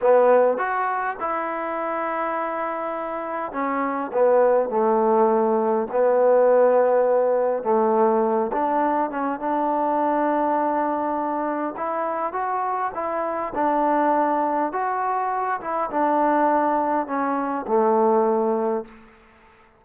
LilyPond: \new Staff \with { instrumentName = "trombone" } { \time 4/4 \tempo 4 = 102 b4 fis'4 e'2~ | e'2 cis'4 b4 | a2 b2~ | b4 a4. d'4 cis'8 |
d'1 | e'4 fis'4 e'4 d'4~ | d'4 fis'4. e'8 d'4~ | d'4 cis'4 a2 | }